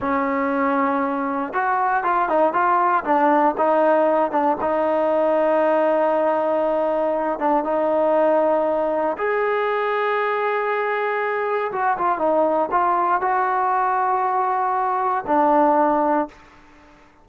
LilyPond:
\new Staff \with { instrumentName = "trombone" } { \time 4/4 \tempo 4 = 118 cis'2. fis'4 | f'8 dis'8 f'4 d'4 dis'4~ | dis'8 d'8 dis'2.~ | dis'2~ dis'8 d'8 dis'4~ |
dis'2 gis'2~ | gis'2. fis'8 f'8 | dis'4 f'4 fis'2~ | fis'2 d'2 | }